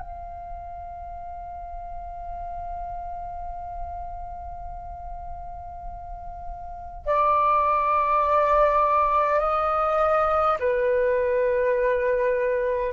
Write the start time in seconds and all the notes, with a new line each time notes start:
0.00 F5
7.06 D5
9.40 D#5
10.60 B4